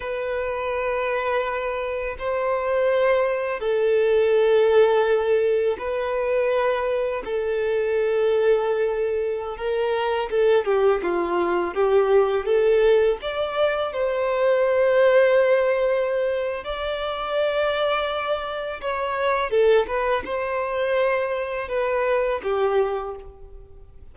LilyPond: \new Staff \with { instrumentName = "violin" } { \time 4/4 \tempo 4 = 83 b'2. c''4~ | c''4 a'2. | b'2 a'2~ | a'4~ a'16 ais'4 a'8 g'8 f'8.~ |
f'16 g'4 a'4 d''4 c''8.~ | c''2. d''4~ | d''2 cis''4 a'8 b'8 | c''2 b'4 g'4 | }